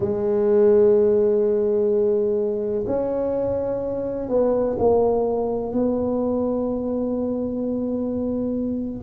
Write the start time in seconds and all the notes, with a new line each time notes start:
0.00 G#3
2.87 C#4
4.29 B3
4.78 A#3
5.72 B3